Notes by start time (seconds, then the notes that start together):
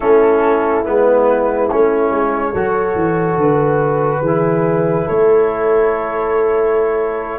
0.00 A3 C#4 E4 A4
0.84 G#3 B3 B4
1.71 A3 C#4 C#5
2.11 G#3
2.53 F#3 F#4 A4
2.95 E3
3.37 D3 B4
4.21 E3 E4 G#4
5.05 A3 A4 C#5